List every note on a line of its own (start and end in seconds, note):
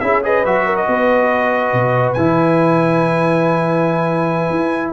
0.00 0.45 C#4
0.00 0.22 E4
0.00 0.25 G#4
0.00 0.21 E5
0.23 0.45 G#4
0.23 0.65 B4
0.23 0.45 D#5
0.45 0.88 F#3
0.45 2.17 F#4
0.45 0.76 E5
0.65 0.87 A#4
0.76 2.13 D#5
0.88 1.73 B3
0.88 4.92 B4
1.73 2.16 B2
2.13 4.50 E3
2.13 4.92 E4
2.13 4.92 G#5
4.50 4.92 E4